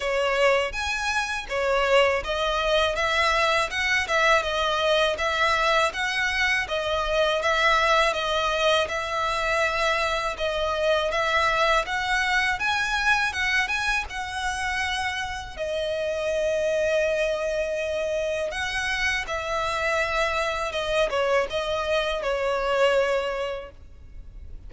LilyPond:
\new Staff \with { instrumentName = "violin" } { \time 4/4 \tempo 4 = 81 cis''4 gis''4 cis''4 dis''4 | e''4 fis''8 e''8 dis''4 e''4 | fis''4 dis''4 e''4 dis''4 | e''2 dis''4 e''4 |
fis''4 gis''4 fis''8 gis''8 fis''4~ | fis''4 dis''2.~ | dis''4 fis''4 e''2 | dis''8 cis''8 dis''4 cis''2 | }